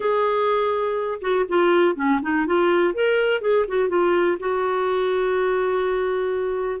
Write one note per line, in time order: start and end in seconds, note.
0.00 1.19 G#4
1.21 1.45 F#4
1.48 1.95 F4
1.95 2.20 C#4
2.22 2.46 D#4
2.46 2.94 F4
2.94 3.41 A#4
3.41 3.65 G#4
3.67 3.88 F#4
3.88 4.37 F4
4.39 6.80 F#4